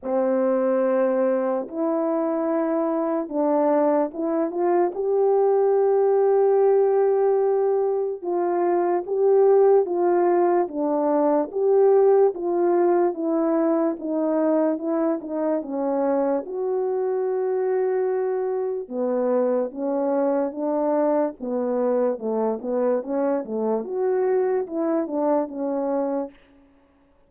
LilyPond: \new Staff \with { instrumentName = "horn" } { \time 4/4 \tempo 4 = 73 c'2 e'2 | d'4 e'8 f'8 g'2~ | g'2 f'4 g'4 | f'4 d'4 g'4 f'4 |
e'4 dis'4 e'8 dis'8 cis'4 | fis'2. b4 | cis'4 d'4 b4 a8 b8 | cis'8 a8 fis'4 e'8 d'8 cis'4 | }